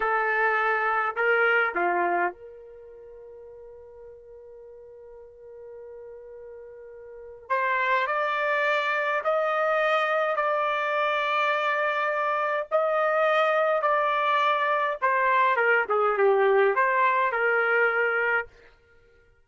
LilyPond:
\new Staff \with { instrumentName = "trumpet" } { \time 4/4 \tempo 4 = 104 a'2 ais'4 f'4 | ais'1~ | ais'1~ | ais'4 c''4 d''2 |
dis''2 d''2~ | d''2 dis''2 | d''2 c''4 ais'8 gis'8 | g'4 c''4 ais'2 | }